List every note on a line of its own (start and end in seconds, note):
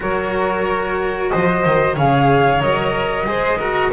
0.00 1.31 F#3
0.00 1.94 F#4
0.00 1.31 A#4
0.00 1.29 C#5
1.29 1.65 F3
1.29 1.95 C5
1.29 1.94 D#5
1.65 1.96 D#3
1.95 2.61 C#3
1.95 2.60 G#4
1.95 3.25 C#5
1.95 2.61 F5
2.60 3.25 F#3
2.60 3.25 A#4
2.60 3.92 D#5
3.25 3.91 G#3
3.25 3.59 G#4
3.25 3.58 C5
3.58 3.91 F#4
3.58 3.90 A#4